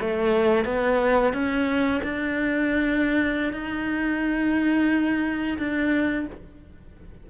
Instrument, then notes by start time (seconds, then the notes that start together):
cello
0.00 A3
0.64 B3
1.33 C#4
2.03 D4
3.53 D#4
5.58 D4